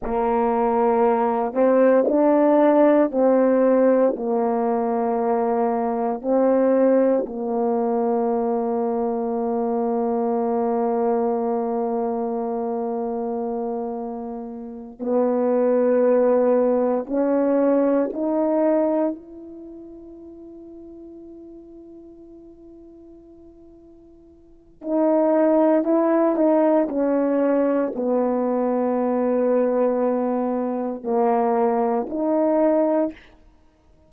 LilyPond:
\new Staff \with { instrumentName = "horn" } { \time 4/4 \tempo 4 = 58 ais4. c'8 d'4 c'4 | ais2 c'4 ais4~ | ais1~ | ais2~ ais8 b4.~ |
b8 cis'4 dis'4 e'4.~ | e'1 | dis'4 e'8 dis'8 cis'4 b4~ | b2 ais4 dis'4 | }